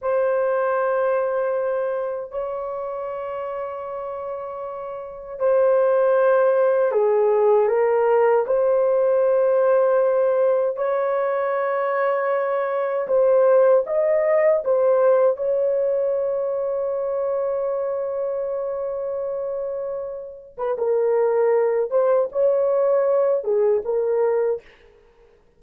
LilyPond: \new Staff \with { instrumentName = "horn" } { \time 4/4 \tempo 4 = 78 c''2. cis''4~ | cis''2. c''4~ | c''4 gis'4 ais'4 c''4~ | c''2 cis''2~ |
cis''4 c''4 dis''4 c''4 | cis''1~ | cis''2~ cis''8. b'16 ais'4~ | ais'8 c''8 cis''4. gis'8 ais'4 | }